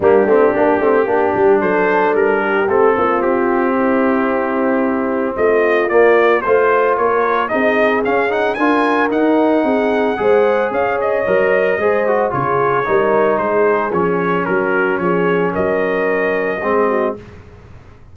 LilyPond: <<
  \new Staff \with { instrumentName = "trumpet" } { \time 4/4 \tempo 4 = 112 g'2. c''4 | ais'4 a'4 g'2~ | g'2 dis''4 d''4 | c''4 cis''4 dis''4 f''8 fis''8 |
gis''4 fis''2. | f''8 dis''2~ dis''8 cis''4~ | cis''4 c''4 cis''4 ais'4 | cis''4 dis''2. | }
  \new Staff \with { instrumentName = "horn" } { \time 4/4 d'2 g'4 a'4~ | a'8 g'4 f'4. e'4~ | e'2 f'2 | c''4 ais'4 gis'2 |
ais'2 gis'4 c''4 | cis''2 c''4 gis'4 | ais'4 gis'2 fis'4 | gis'4 ais'2 gis'8 fis'8 | }
  \new Staff \with { instrumentName = "trombone" } { \time 4/4 ais8 c'8 d'8 c'8 d'2~ | d'4 c'2.~ | c'2. ais4 | f'2 dis'4 cis'8 dis'8 |
f'4 dis'2 gis'4~ | gis'4 ais'4 gis'8 fis'8 f'4 | dis'2 cis'2~ | cis'2. c'4 | }
  \new Staff \with { instrumentName = "tuba" } { \time 4/4 g8 a8 ais8 a8 ais8 g8 fis4 | g4 a8 ais8 c'2~ | c'2 a4 ais4 | a4 ais4 c'4 cis'4 |
d'4 dis'4 c'4 gis4 | cis'4 fis4 gis4 cis4 | g4 gis4 f4 fis4 | f4 fis2 gis4 | }
>>